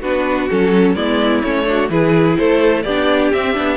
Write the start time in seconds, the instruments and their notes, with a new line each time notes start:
0.00 cello B3, viola D4, violin F#4 B4
0.50 cello F#3, viola C#4, violin A4
0.95 cello G#3, viola B3, violin E4 D5
1.42 cello A3, viola C#4, violin C#5
1.66 viola D4, violin F#4
1.89 cello E3, viola E4, violin G#4 B4
2.37 cello A3, violin A4 C5
2.83 cello B3, viola D4, violin G4 D5
3.32 cello C4, viola C4, violin E5
3.54 cello B3, viola D4